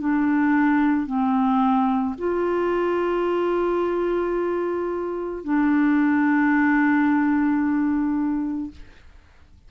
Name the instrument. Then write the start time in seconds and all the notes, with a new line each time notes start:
clarinet
0.00 D4
1.06 C4
2.18 F4
5.44 D4